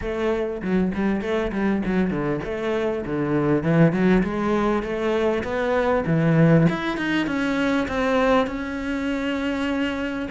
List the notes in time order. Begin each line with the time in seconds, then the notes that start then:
0.01 A3
0.61 F#3
0.94 G3
1.21 A3
1.52 G3
1.85 F#3
2.10 D3
2.44 A3
3.05 D3
3.63 E3
3.92 F#3
4.23 G#3
4.82 A3
5.43 B3
6.06 E3
6.69 E4
6.97 D#4
7.26 C#4
7.88 C4
8.46 C#4